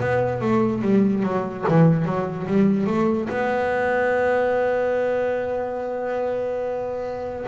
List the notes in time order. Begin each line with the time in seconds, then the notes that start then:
0.00 B3
0.41 A3
0.82 G3
1.23 F#3
1.68 E3
2.05 F#3
2.47 G3
2.86 A3
3.29 B3